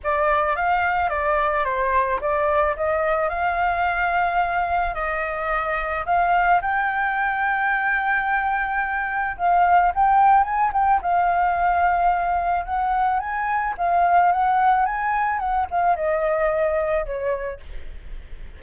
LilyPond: \new Staff \with { instrumentName = "flute" } { \time 4/4 \tempo 4 = 109 d''4 f''4 d''4 c''4 | d''4 dis''4 f''2~ | f''4 dis''2 f''4 | g''1~ |
g''4 f''4 g''4 gis''8 g''8 | f''2. fis''4 | gis''4 f''4 fis''4 gis''4 | fis''8 f''8 dis''2 cis''4 | }